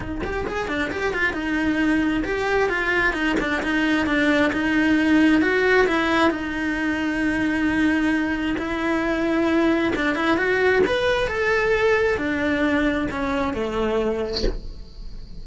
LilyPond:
\new Staff \with { instrumentName = "cello" } { \time 4/4 \tempo 4 = 133 dis'8 g'8 gis'8 d'8 g'8 f'8 dis'4~ | dis'4 g'4 f'4 dis'8 d'8 | dis'4 d'4 dis'2 | fis'4 e'4 dis'2~ |
dis'2. e'4~ | e'2 d'8 e'8 fis'4 | b'4 a'2 d'4~ | d'4 cis'4 a2 | }